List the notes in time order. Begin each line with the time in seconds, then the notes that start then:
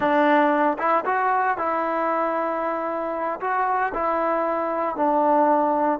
0.00 D4
0.78 E4
1.05 F#4
1.57 E4
3.40 F#4
3.94 E4
4.96 D4